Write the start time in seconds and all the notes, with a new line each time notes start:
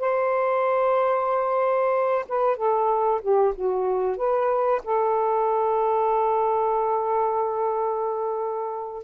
0.00 C5
2.29 B4
2.57 A4
3.22 G4
3.55 F#4
4.17 B4
4.84 A4